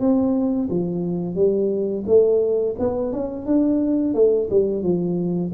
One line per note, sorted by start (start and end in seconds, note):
0.00 0.69 C4
0.70 1.35 F3
1.35 2.04 G3
2.07 2.76 A3
2.79 3.13 B3
3.13 3.46 C#4
3.46 4.14 D4
4.14 4.49 A3
4.50 4.83 G3
4.83 5.52 F3